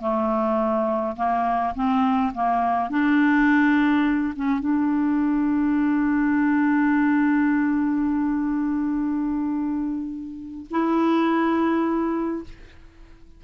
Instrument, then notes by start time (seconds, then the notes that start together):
clarinet
0.00 A3
1.16 A#3
1.74 C4
2.34 A#3
2.89 D4
4.35 C#4
4.59 D4
10.70 E4